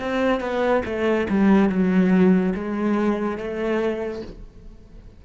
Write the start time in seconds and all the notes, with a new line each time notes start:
0.00 C4
0.41 B3
0.85 A3
1.30 G3
1.69 F#3
2.55 G#3
3.38 A3